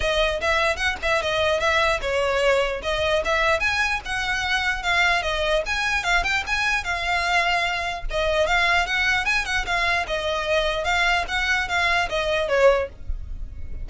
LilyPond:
\new Staff \with { instrumentName = "violin" } { \time 4/4 \tempo 4 = 149 dis''4 e''4 fis''8 e''8 dis''4 | e''4 cis''2 dis''4 | e''4 gis''4 fis''2 | f''4 dis''4 gis''4 f''8 g''8 |
gis''4 f''2. | dis''4 f''4 fis''4 gis''8 fis''8 | f''4 dis''2 f''4 | fis''4 f''4 dis''4 cis''4 | }